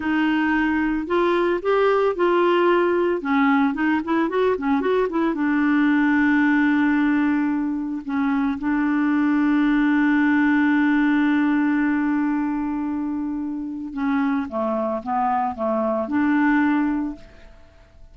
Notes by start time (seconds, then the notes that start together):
0.00 D#4
1.06 F4
1.62 G4
2.15 F4
3.21 C#4
3.74 D#4
4.04 E4
4.29 F#4
4.58 C#4
4.80 F#4
5.09 E4
5.34 D4
8.05 C#4
8.58 D4
13.93 C#4
14.48 A3
15.02 B3
15.55 A3
16.08 D4